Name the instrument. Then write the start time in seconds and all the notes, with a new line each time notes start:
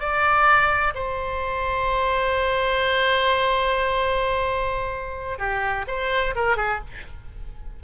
oboe
0.00 D5
0.95 C5
5.39 G4
5.88 C5
6.36 A#4
6.57 G#4